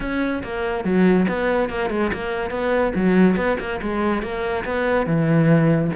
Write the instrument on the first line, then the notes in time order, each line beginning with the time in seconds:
cello
0.00 C#4
0.43 A#3
0.84 F#3
1.28 B3
1.69 A#3
1.90 G#3
2.13 A#3
2.50 B3
2.95 F#3
3.36 B3
3.59 A#3
3.82 G#3
4.22 A#3
4.64 B3
5.06 E3